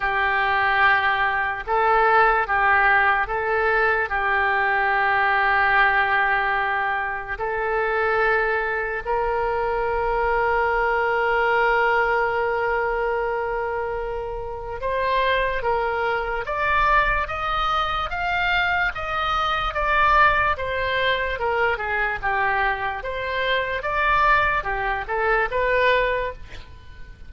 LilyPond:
\new Staff \with { instrumentName = "oboe" } { \time 4/4 \tempo 4 = 73 g'2 a'4 g'4 | a'4 g'2.~ | g'4 a'2 ais'4~ | ais'1~ |
ais'2 c''4 ais'4 | d''4 dis''4 f''4 dis''4 | d''4 c''4 ais'8 gis'8 g'4 | c''4 d''4 g'8 a'8 b'4 | }